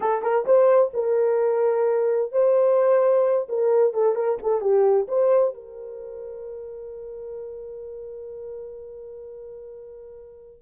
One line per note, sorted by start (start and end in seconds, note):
0.00 0.22 A4
0.22 0.45 A#4
0.45 0.91 C5
0.93 2.32 A#4
2.32 3.47 C5
3.48 3.93 A#4
3.93 4.15 A4
4.15 4.38 A#4
4.42 4.60 A4
4.60 5.06 G4
5.08 5.54 C5
5.54 10.62 A#4